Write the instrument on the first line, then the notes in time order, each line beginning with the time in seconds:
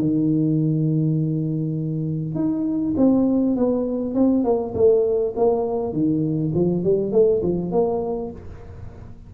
tuba
0.00 D#3
2.35 D#4
2.97 C4
3.56 B3
4.14 C4
4.44 A#3
4.74 A3
5.36 A#3
5.93 D#3
6.54 F3
6.83 G3
7.12 A3
7.43 F3
7.72 A#3